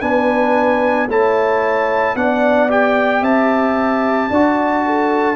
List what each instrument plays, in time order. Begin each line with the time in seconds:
0.00 tuba B3, trombone D4, horn B4, trumpet G#5
1.08 tuba A3, trombone E4, horn C#5, trumpet A5
2.15 tuba B3, trombone D4, horn D5, trumpet F#5
2.69 trombone G4, trumpet G5
3.21 tuba C4, horn E5, trumpet A5
4.30 tuba D4, trombone F#4, horn D5
4.85 horn A4